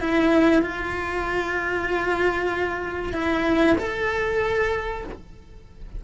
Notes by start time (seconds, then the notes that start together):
0.00 E4
0.62 F4
3.13 E4
3.78 A4